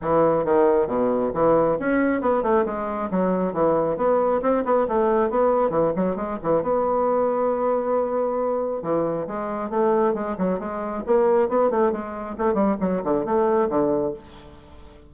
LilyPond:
\new Staff \with { instrumentName = "bassoon" } { \time 4/4 \tempo 4 = 136 e4 dis4 b,4 e4 | cis'4 b8 a8 gis4 fis4 | e4 b4 c'8 b8 a4 | b4 e8 fis8 gis8 e8 b4~ |
b1 | e4 gis4 a4 gis8 fis8 | gis4 ais4 b8 a8 gis4 | a8 g8 fis8 d8 a4 d4 | }